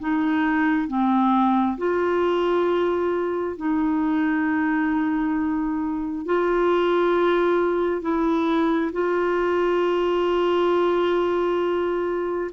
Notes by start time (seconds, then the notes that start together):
0.00 D#4
0.88 C4
1.77 F4
3.57 D#4
6.26 F4
8.01 E4
8.93 F4